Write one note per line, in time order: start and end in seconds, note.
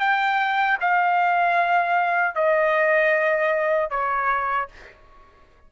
0.00 0.78 G5
0.81 2.35 F5
2.35 3.90 D#5
3.90 4.68 C#5